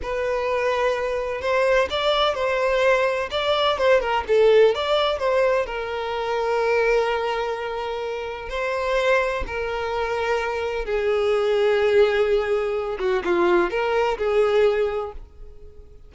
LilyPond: \new Staff \with { instrumentName = "violin" } { \time 4/4 \tempo 4 = 127 b'2. c''4 | d''4 c''2 d''4 | c''8 ais'8 a'4 d''4 c''4 | ais'1~ |
ais'2 c''2 | ais'2. gis'4~ | gis'2.~ gis'8 fis'8 | f'4 ais'4 gis'2 | }